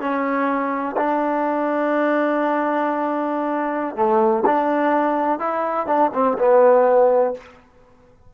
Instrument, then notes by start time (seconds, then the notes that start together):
trombone
0.00 C#4
0.97 D4
3.96 A3
4.46 D4
5.39 E4
5.87 D4
6.14 C4
6.38 B3